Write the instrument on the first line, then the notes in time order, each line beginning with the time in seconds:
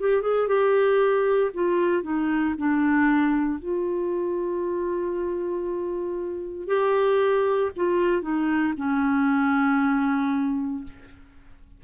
clarinet
0.00 G4
0.22 G#4
0.48 G4
1.54 F4
2.03 D#4
2.58 D4
3.59 F4
6.67 G4
7.76 F4
8.22 D#4
8.77 C#4